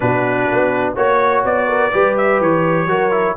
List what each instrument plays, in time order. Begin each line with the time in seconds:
0.00 tuba B2, trombone D4, horn F#4, trumpet B4
0.52 tuba B3
0.94 tuba A#3, trombone F#4, horn C#5, trumpet C#5
1.44 tuba B3, trumpet D5
1.68 horn A#4
1.91 tuba G3, trombone G4, horn B4
2.17 trumpet E5
2.40 tuba E3, trumpet C#5
2.86 tuba F#3, trombone F#4, horn A#4
3.11 trombone E4